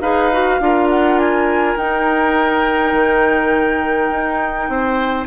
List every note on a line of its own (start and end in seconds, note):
0.00 0.58 D#4
0.00 0.31 G#4
0.00 0.60 B4
0.00 0.88 F5
0.32 0.60 F#4
0.59 1.76 D4
0.59 1.77 F4
0.59 4.70 A#4
0.89 1.18 F#5
1.18 1.77 G#5
1.76 2.93 D#4
1.76 5.27 D#4
1.76 5.26 G5
2.93 4.09 D#3
4.10 4.68 D#4
4.68 5.27 C4
4.68 5.27 C5